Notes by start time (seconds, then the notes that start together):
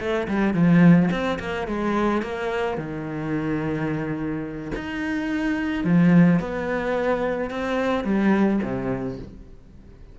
0.00 A3
0.28 G3
0.54 F3
1.11 C4
1.40 A#3
1.68 G#3
2.22 A#3
2.78 D#3
4.75 D#4
5.84 F3
6.40 B3
7.51 C4
8.05 G3
8.63 C3